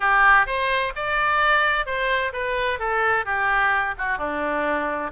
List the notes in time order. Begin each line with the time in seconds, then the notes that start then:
0.00 G4
0.46 C5
0.95 D5
1.85 C5
2.33 B4
2.79 A4
3.25 G4
3.98 F#4
4.18 D4